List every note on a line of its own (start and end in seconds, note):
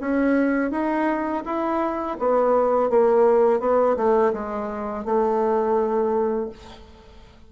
0.00 0.71 C#4
0.71 1.43 D#4
1.45 2.17 E4
2.19 2.89 B3
2.89 3.59 A#3
3.59 3.96 B3
3.96 4.32 A3
4.32 5.04 G#3
5.04 6.49 A3